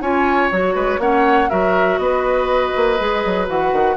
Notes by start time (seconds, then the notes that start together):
0.00 C#4 F4 C#5 G#5
0.51 F#3 F#4 C#5
0.75 G#3 B4
0.98 A#3 C#4 C#5 F#5
1.50 F#3 F#4 A#4 E5
1.98 B3 B4 D#5
2.76 A#3
2.99 G#3 G#4
3.25 F#3
3.47 E3 F#4 F#5
3.73 D#3